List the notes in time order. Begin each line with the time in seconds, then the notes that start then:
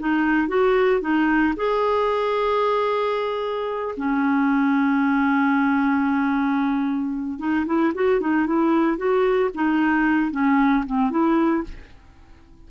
0.00 D#4
0.49 F#4
1.01 D#4
1.57 G#4
3.97 C#4
7.39 D#4
7.67 E4
7.95 F#4
8.21 D#4
8.47 E4
8.98 F#4
9.55 D#4
10.32 C#4
10.86 C4
11.11 E4